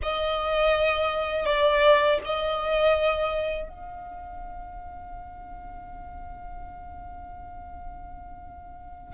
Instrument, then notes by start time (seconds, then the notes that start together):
violin
0.02 D#5
1.45 D5
2.24 D#5
3.69 F5